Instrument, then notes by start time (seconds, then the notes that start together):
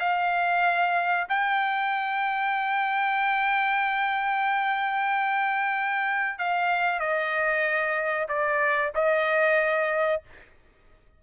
trumpet
0.00 F5
1.29 G5
6.39 F5
7.00 D#5
8.29 D5
8.95 D#5